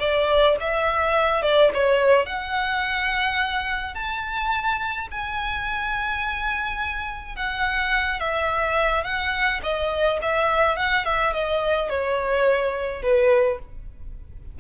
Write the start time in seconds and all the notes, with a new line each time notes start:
0.00 D5
0.60 E5
1.43 D5
1.74 C#5
2.26 F#5
3.95 A5
5.11 G#5
7.36 F#5
8.20 E5
9.04 F#5
9.63 D#5
10.22 E5
10.77 F#5
11.05 E5
11.34 D#5
11.90 C#5
13.02 B4